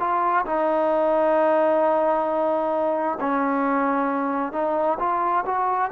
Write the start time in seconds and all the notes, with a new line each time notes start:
0.00 F4
0.46 D#4
3.21 C#4
4.53 D#4
5.00 F4
5.46 F#4